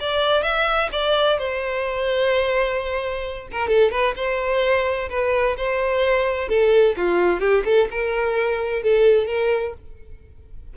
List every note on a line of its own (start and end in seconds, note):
0.00 0.43 D5
0.43 0.89 E5
0.92 1.39 D5
1.39 3.48 C5
3.52 3.68 A#4
3.68 3.91 A4
3.91 4.15 B4
4.16 5.09 C5
5.10 5.56 B4
5.57 6.49 C5
6.49 6.96 A4
6.97 7.40 F4
7.40 7.63 G4
7.65 7.88 A4
7.91 8.83 A#4
8.83 9.27 A4
9.27 9.74 A#4